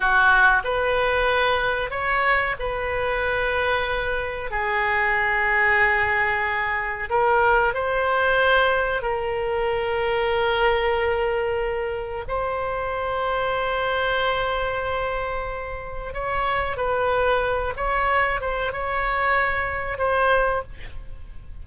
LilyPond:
\new Staff \with { instrumentName = "oboe" } { \time 4/4 \tempo 4 = 93 fis'4 b'2 cis''4 | b'2. gis'4~ | gis'2. ais'4 | c''2 ais'2~ |
ais'2. c''4~ | c''1~ | c''4 cis''4 b'4. cis''8~ | cis''8 c''8 cis''2 c''4 | }